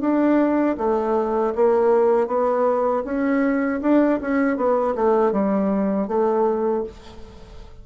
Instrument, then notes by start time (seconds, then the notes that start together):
bassoon
0.00 D4
0.77 A3
1.55 A#3
2.27 B3
3.04 C#4
3.81 D4
4.21 C#4
4.56 B3
4.95 A3
5.32 G3
6.08 A3